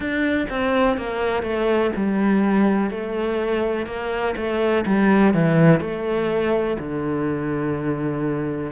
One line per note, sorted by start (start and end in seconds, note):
0.00 0.46 D4
0.49 0.97 C4
0.97 1.43 A#3
1.43 1.91 A3
1.96 2.90 G3
2.90 3.86 A3
3.86 4.34 A#3
4.36 4.84 A3
4.85 5.34 G3
5.34 5.80 E3
5.80 6.77 A3
6.78 8.71 D3